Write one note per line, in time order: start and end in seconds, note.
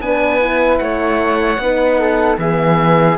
0.00 0.79 B3
0.00 0.39 D4
0.00 0.82 B4
0.00 0.78 G#5
0.39 1.58 E4
0.78 1.57 A3
0.78 1.61 C#5
0.78 2.36 F#5
1.57 2.36 B3
1.57 2.38 D#4
1.57 1.99 B4
1.99 2.38 A4
2.38 3.17 E3
2.38 3.17 B3
2.38 3.18 G#4
2.38 3.18 E5